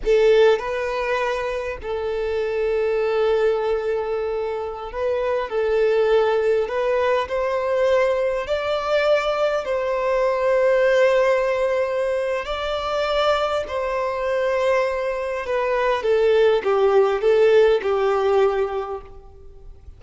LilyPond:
\new Staff \with { instrumentName = "violin" } { \time 4/4 \tempo 4 = 101 a'4 b'2 a'4~ | a'1~ | a'16 b'4 a'2 b'8.~ | b'16 c''2 d''4.~ d''16~ |
d''16 c''2.~ c''8.~ | c''4 d''2 c''4~ | c''2 b'4 a'4 | g'4 a'4 g'2 | }